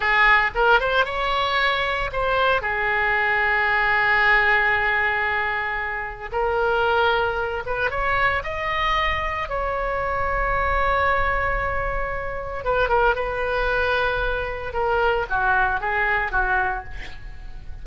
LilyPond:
\new Staff \with { instrumentName = "oboe" } { \time 4/4 \tempo 4 = 114 gis'4 ais'8 c''8 cis''2 | c''4 gis'2.~ | gis'1 | ais'2~ ais'8 b'8 cis''4 |
dis''2 cis''2~ | cis''1 | b'8 ais'8 b'2. | ais'4 fis'4 gis'4 fis'4 | }